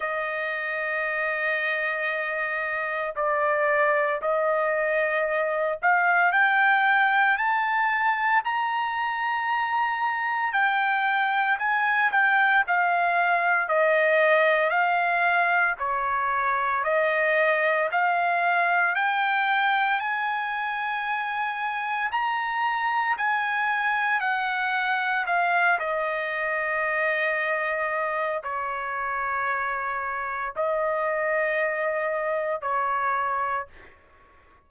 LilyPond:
\new Staff \with { instrumentName = "trumpet" } { \time 4/4 \tempo 4 = 57 dis''2. d''4 | dis''4. f''8 g''4 a''4 | ais''2 g''4 gis''8 g''8 | f''4 dis''4 f''4 cis''4 |
dis''4 f''4 g''4 gis''4~ | gis''4 ais''4 gis''4 fis''4 | f''8 dis''2~ dis''8 cis''4~ | cis''4 dis''2 cis''4 | }